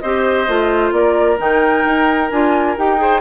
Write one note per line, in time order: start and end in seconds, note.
0.00 0.48 C4
0.00 0.48 G4
0.00 0.94 C5
0.00 0.92 D#5
0.48 0.92 A3
0.48 1.38 F4
0.92 1.37 A#3
0.92 3.01 A#4
0.92 1.39 D5
1.38 1.85 D#3
1.38 2.29 D#4
1.38 2.31 G5
1.85 2.30 D#4
2.31 2.77 D4
2.31 2.77 F4
2.31 2.77 G#5
2.77 3.21 D#4
2.77 2.98 G4
2.77 3.21 G5
2.98 3.21 G#4
2.98 3.21 C5